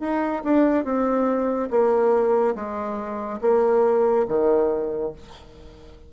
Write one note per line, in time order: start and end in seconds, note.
0.00 0.42 D#4
0.44 0.85 D4
0.85 1.69 C4
1.71 2.55 A#3
2.55 3.40 G#3
3.41 4.26 A#3
4.28 5.12 D#3